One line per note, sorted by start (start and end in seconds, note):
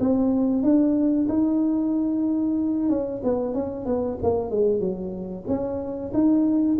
0.00 0.63 C4
0.63 1.27 D4
1.29 2.89 D#4
2.89 3.21 C#4
3.24 3.54 B3
3.54 3.85 C#4
3.85 4.18 B3
4.23 4.50 A#3
4.50 4.80 G#3
4.80 5.45 F#3
5.48 6.12 C#4
6.13 6.78 D#4